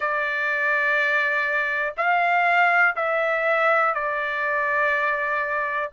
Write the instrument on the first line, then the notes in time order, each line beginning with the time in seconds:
trumpet
0.00 D5
1.97 F5
2.96 E5
3.94 D5